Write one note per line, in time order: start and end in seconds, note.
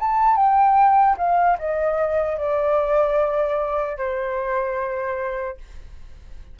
0.00 0.36 A5
0.36 1.16 G5
1.18 1.58 F5
1.59 2.38 D#5
2.38 3.98 D5
3.98 5.58 C5